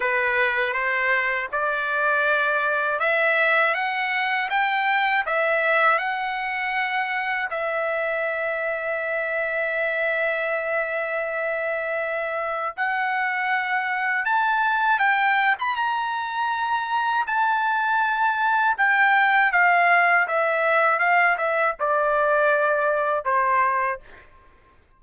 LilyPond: \new Staff \with { instrumentName = "trumpet" } { \time 4/4 \tempo 4 = 80 b'4 c''4 d''2 | e''4 fis''4 g''4 e''4 | fis''2 e''2~ | e''1~ |
e''4 fis''2 a''4 | g''8. b''16 ais''2 a''4~ | a''4 g''4 f''4 e''4 | f''8 e''8 d''2 c''4 | }